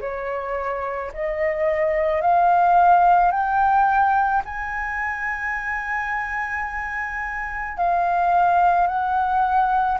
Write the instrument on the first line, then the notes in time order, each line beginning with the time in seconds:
flute
0.00 C#5
1.13 D#5
2.21 F5
3.31 G5
4.45 G#5
7.77 F5
8.87 F#5